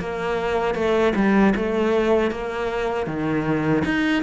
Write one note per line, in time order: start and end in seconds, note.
0.00 0.75 A#3
0.75 1.13 A3
1.15 1.54 G3
1.56 2.31 A3
2.31 3.07 A#3
3.07 3.84 D#3
3.85 4.23 D#4